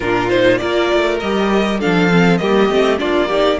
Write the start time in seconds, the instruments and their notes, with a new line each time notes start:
0.00 cello A#2, viola D4, violin F4 A#4
0.29 viola D#4, violin C5
0.57 cello A#3, viola F4, violin A#4 D5
0.93 cello A3
1.20 cello G3, viola G4, violin D#5
1.79 viola D4, violin A4 F5
1.85 cello F3
2.10 viola C4
2.37 cello G3, viola A#3, violin G4 D#5
2.69 cello A3, viola C4
2.97 cello A#3, viola D4, violin F4 D5
3.27 viola D#4, violin G4